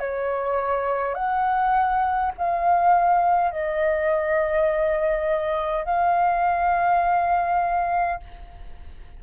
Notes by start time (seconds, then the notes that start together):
0.00 C#5
1.15 F#5
2.38 F5
3.51 D#5
5.86 F5